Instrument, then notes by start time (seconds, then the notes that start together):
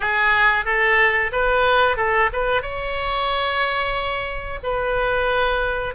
oboe
0.00 G#4
0.65 A4
1.32 B4
1.97 A4
2.32 B4
2.62 C#5
4.63 B4